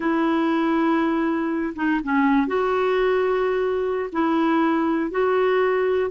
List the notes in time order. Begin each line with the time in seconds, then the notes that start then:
0.00 E4
1.75 D#4
2.03 C#4
2.47 F#4
4.12 E4
5.10 F#4